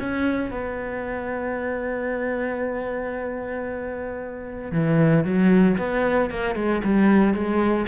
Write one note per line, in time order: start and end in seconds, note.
0.00 0.51 C#4
0.51 4.72 B3
4.72 5.25 E3
5.25 5.78 F#3
5.78 6.31 B3
6.31 6.56 A#3
6.56 6.82 G#3
6.84 7.34 G3
7.34 7.87 G#3